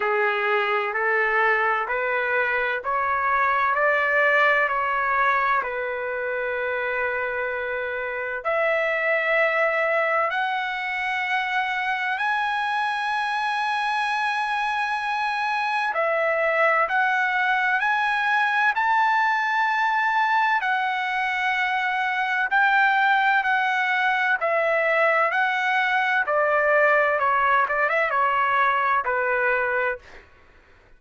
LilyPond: \new Staff \with { instrumentName = "trumpet" } { \time 4/4 \tempo 4 = 64 gis'4 a'4 b'4 cis''4 | d''4 cis''4 b'2~ | b'4 e''2 fis''4~ | fis''4 gis''2.~ |
gis''4 e''4 fis''4 gis''4 | a''2 fis''2 | g''4 fis''4 e''4 fis''4 | d''4 cis''8 d''16 e''16 cis''4 b'4 | }